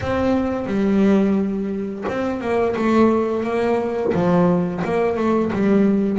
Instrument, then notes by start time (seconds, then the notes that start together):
double bass
0.01 C4
0.66 G3
2.08 C4
2.40 A#3
2.76 A3
3.43 A#3
4.13 F3
4.84 A#3
5.17 A3
5.53 G3